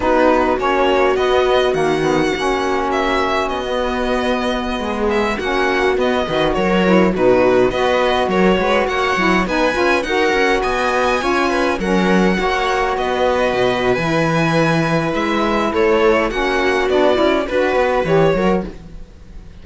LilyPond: <<
  \new Staff \with { instrumentName = "violin" } { \time 4/4 \tempo 4 = 103 b'4 cis''4 dis''4 fis''4~ | fis''4 e''4 dis''2~ | dis''8. e''8 fis''4 dis''4 cis''8.~ | cis''16 b'4 dis''4 cis''4 fis''8.~ |
fis''16 gis''4 fis''4 gis''4.~ gis''16~ | gis''16 fis''2 dis''4.~ dis''16 | gis''2 e''4 cis''4 | fis''4 d''4 b'4 cis''4 | }
  \new Staff \with { instrumentName = "viola" } { \time 4/4 fis'1~ | fis'1~ | fis'16 gis'4 fis'4. b'8 ais'8.~ | ais'16 fis'4 b'4 ais'8 b'8 cis''8.~ |
cis''16 b'4 ais'4 dis''4 cis''8 b'16~ | b'16 ais'4 cis''4 b'4.~ b'16~ | b'2. a'4 | fis'2 b'4. ais'8 | }
  \new Staff \with { instrumentName = "saxophone" } { \time 4/4 dis'4 cis'4 b4 ais8 b8 | cis'2~ cis'16 b4.~ b16~ | b4~ b16 cis'4 b8 fis'4 e'16~ | e'16 dis'4 fis'2~ fis'8 e'16~ |
e'16 dis'8 f'8 fis'2 f'8.~ | f'16 cis'4 fis'2~ fis'8. | e'1 | cis'4 d'8 e'8 fis'4 g'8 fis'8 | }
  \new Staff \with { instrumentName = "cello" } { \time 4/4 b4 ais4 b4 dis4 | ais2 b2~ | b16 gis4 ais4 b8 dis8 fis8.~ | fis16 b,4 b4 fis8 gis8 ais8 fis16~ |
fis16 b8 cis'8 dis'8 cis'8 b4 cis'8.~ | cis'16 fis4 ais4 b4 b,8. | e2 gis4 a4 | ais4 b8 cis'8 d'8 b8 e8 fis8 | }
>>